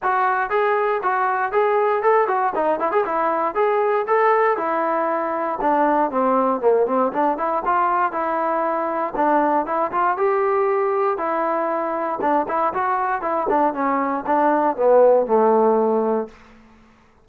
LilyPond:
\new Staff \with { instrumentName = "trombone" } { \time 4/4 \tempo 4 = 118 fis'4 gis'4 fis'4 gis'4 | a'8 fis'8 dis'8 e'16 gis'16 e'4 gis'4 | a'4 e'2 d'4 | c'4 ais8 c'8 d'8 e'8 f'4 |
e'2 d'4 e'8 f'8 | g'2 e'2 | d'8 e'8 fis'4 e'8 d'8 cis'4 | d'4 b4 a2 | }